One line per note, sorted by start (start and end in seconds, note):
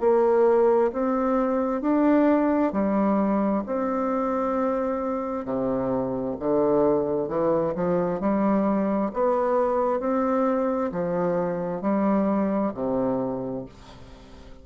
0.00 0.91 A#3
0.93 1.81 C4
1.81 2.72 D4
2.72 3.63 G3
3.66 5.45 C4
5.45 6.36 C3
6.40 7.28 D3
7.28 7.74 E3
7.75 8.20 F3
8.20 9.11 G3
9.14 10.00 B3
10.00 10.91 C4
10.92 11.81 F3
11.81 12.72 G3
12.74 13.65 C3